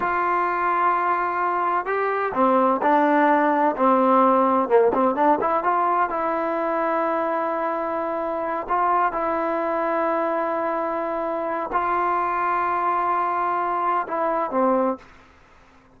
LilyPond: \new Staff \with { instrumentName = "trombone" } { \time 4/4 \tempo 4 = 128 f'1 | g'4 c'4 d'2 | c'2 ais8 c'8 d'8 e'8 | f'4 e'2.~ |
e'2~ e'8 f'4 e'8~ | e'1~ | e'4 f'2.~ | f'2 e'4 c'4 | }